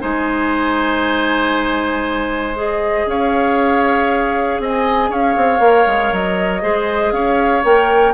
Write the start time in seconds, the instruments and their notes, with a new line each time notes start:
0.00 bassoon G#3, clarinet D#4, oboe C5, flute G#5
2.56 clarinet G#4, flute D#5
3.06 bassoon C#4, oboe C#5, flute F5
4.59 bassoon C4, oboe D#5, flute G#5
5.10 bassoon C#4, oboe C#5, flute F5
5.37 bassoon C4
5.60 bassoon A#3, clarinet A#4
5.86 bassoon G#3
6.12 bassoon F#3, flute D#5
6.62 bassoon G#3, clarinet G#4, oboe C5
7.12 bassoon C#4, oboe C#5, flute F5
7.64 bassoon A#3, clarinet A#4, flute G5